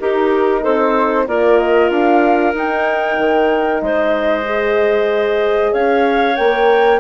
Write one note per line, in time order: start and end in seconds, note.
0.00 1.28 D#4
0.00 0.65 D#4
0.00 0.62 G4
0.00 0.64 A#4
0.62 1.28 C4
0.62 1.26 A4
0.62 1.28 C5
1.28 1.91 A#3
1.28 2.53 F4
1.28 3.83 A#4
1.28 1.58 D5
1.58 1.90 D#5
1.90 2.54 D4
1.90 2.54 F5
2.53 4.45 D#4
2.53 3.18 D#4
2.53 3.83 G5
3.18 3.82 D#3
3.82 5.73 G#3
3.82 5.72 C5
3.82 5.73 D#5
4.45 6.37 G#4
5.72 6.38 C#4
5.72 7.00 C#5
5.72 6.36 F5
6.36 7.00 A#3
6.36 7.00 A#4
6.36 7.00 G5